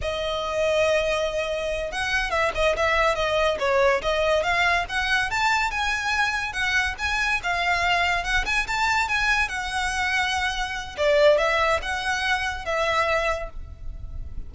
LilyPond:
\new Staff \with { instrumentName = "violin" } { \time 4/4 \tempo 4 = 142 dis''1~ | dis''8 fis''4 e''8 dis''8 e''4 dis''8~ | dis''8 cis''4 dis''4 f''4 fis''8~ | fis''8 a''4 gis''2 fis''8~ |
fis''8 gis''4 f''2 fis''8 | gis''8 a''4 gis''4 fis''4.~ | fis''2 d''4 e''4 | fis''2 e''2 | }